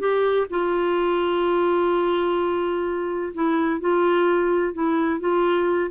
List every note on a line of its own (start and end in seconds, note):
0.00 0.47 G4
0.50 3.34 F4
3.35 3.81 E4
3.81 4.74 F4
4.74 5.21 E4
5.21 5.91 F4